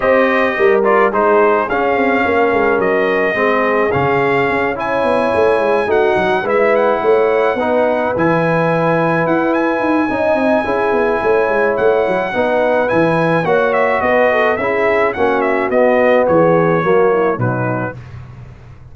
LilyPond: <<
  \new Staff \with { instrumentName = "trumpet" } { \time 4/4 \tempo 4 = 107 dis''4. d''8 c''4 f''4~ | f''4 dis''2 f''4~ | f''8 gis''2 fis''4 e''8 | fis''2~ fis''8 gis''4.~ |
gis''8 fis''8 gis''2.~ | gis''4 fis''2 gis''4 | fis''8 e''8 dis''4 e''4 fis''8 e''8 | dis''4 cis''2 b'4 | }
  \new Staff \with { instrumentName = "horn" } { \time 4/4 c''4 ais'4 gis'2 | ais'2 gis'2~ | gis'8 cis''2 fis'4 b'8~ | b'8 cis''4 b'2~ b'8~ |
b'2 dis''4 gis'4 | cis''2 b'2 | cis''4 b'8 a'8 gis'4 fis'4~ | fis'4 gis'4 fis'8 e'8 dis'4 | }
  \new Staff \with { instrumentName = "trombone" } { \time 4/4 g'4. f'8 dis'4 cis'4~ | cis'2 c'4 cis'4~ | cis'8 e'2 dis'4 e'8~ | e'4. dis'4 e'4.~ |
e'2 dis'4 e'4~ | e'2 dis'4 e'4 | fis'2 e'4 cis'4 | b2 ais4 fis4 | }
  \new Staff \with { instrumentName = "tuba" } { \time 4/4 c'4 g4 gis4 cis'8 c'8 | ais8 gis8 fis4 gis4 cis4 | cis'4 b8 a8 gis8 a8 fis8 gis8~ | gis8 a4 b4 e4.~ |
e8 e'4 dis'8 cis'8 c'8 cis'8 b8 | a8 gis8 a8 fis8 b4 e4 | ais4 b4 cis'4 ais4 | b4 e4 fis4 b,4 | }
>>